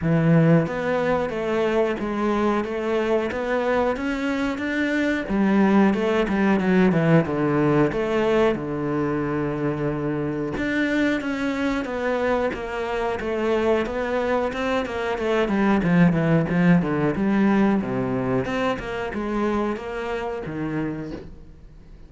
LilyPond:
\new Staff \with { instrumentName = "cello" } { \time 4/4 \tempo 4 = 91 e4 b4 a4 gis4 | a4 b4 cis'4 d'4 | g4 a8 g8 fis8 e8 d4 | a4 d2. |
d'4 cis'4 b4 ais4 | a4 b4 c'8 ais8 a8 g8 | f8 e8 f8 d8 g4 c4 | c'8 ais8 gis4 ais4 dis4 | }